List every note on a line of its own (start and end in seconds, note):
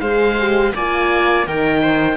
0.00 0.73 G#3
0.00 0.36 G#4
0.00 0.73 C5
0.00 0.72 F5
0.39 0.75 G4
0.75 1.47 A#3
0.75 1.47 F4
0.75 1.47 D5
0.75 1.47 G#5
1.47 2.17 D#3
1.47 2.17 D#4
1.47 1.82 A#4
1.47 2.17 G5
1.82 2.17 C5